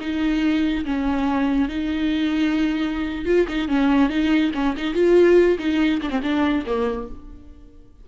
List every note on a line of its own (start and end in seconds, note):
0.00 0.85 D#4
0.85 1.69 C#4
1.69 3.25 D#4
3.25 3.46 F4
3.48 3.68 D#4
3.68 4.09 C#4
4.09 4.52 D#4
4.54 4.75 C#4
4.77 4.94 D#4
4.94 5.58 F4
5.59 6.01 D#4
6.01 6.10 D4
6.10 6.20 C4
6.22 6.65 D4
6.66 7.08 A#3